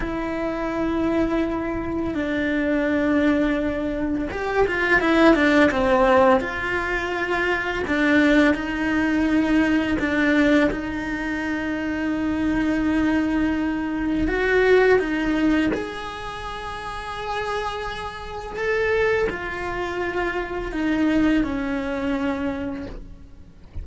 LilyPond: \new Staff \with { instrumentName = "cello" } { \time 4/4 \tempo 4 = 84 e'2. d'4~ | d'2 g'8 f'8 e'8 d'8 | c'4 f'2 d'4 | dis'2 d'4 dis'4~ |
dis'1 | fis'4 dis'4 gis'2~ | gis'2 a'4 f'4~ | f'4 dis'4 cis'2 | }